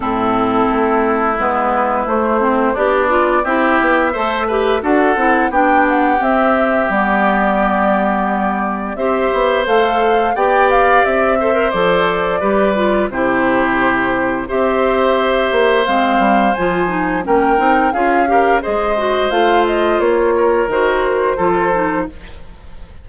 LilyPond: <<
  \new Staff \with { instrumentName = "flute" } { \time 4/4 \tempo 4 = 87 a'2 b'4 c''4 | d''4 e''2 fis''4 | g''8 fis''8 e''4 d''2~ | d''4 e''4 f''4 g''8 f''8 |
e''4 d''2 c''4~ | c''4 e''2 f''4 | gis''4 g''4 f''4 dis''4 | f''8 dis''8 cis''4 c''2 | }
  \new Staff \with { instrumentName = "oboe" } { \time 4/4 e'1 | d'4 g'4 c''8 b'8 a'4 | g'1~ | g'4 c''2 d''4~ |
d''8 c''4. b'4 g'4~ | g'4 c''2.~ | c''4 ais'4 gis'8 ais'8 c''4~ | c''4. ais'4. a'4 | }
  \new Staff \with { instrumentName = "clarinet" } { \time 4/4 c'2 b4 a8 c'8 | g'8 f'8 e'4 a'8 g'8 fis'8 e'8 | d'4 c'4 b2~ | b4 g'4 a'4 g'4~ |
g'8 a'16 ais'16 a'4 g'8 f'8 e'4~ | e'4 g'2 c'4 | f'8 dis'8 cis'8 dis'8 f'8 g'8 gis'8 fis'8 | f'2 fis'4 f'8 dis'8 | }
  \new Staff \with { instrumentName = "bassoon" } { \time 4/4 a,4 a4 gis4 a4 | b4 c'8 b8 a4 d'8 c'8 | b4 c'4 g2~ | g4 c'8 b8 a4 b4 |
c'4 f4 g4 c4~ | c4 c'4. ais8 gis8 g8 | f4 ais8 c'8 cis'4 gis4 | a4 ais4 dis4 f4 | }
>>